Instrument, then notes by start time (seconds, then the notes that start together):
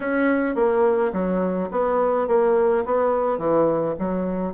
bassoon
0.00 C#4
0.55 A#3
1.12 F#3
1.71 B3
2.27 A#3
2.85 B3
3.38 E3
3.98 F#3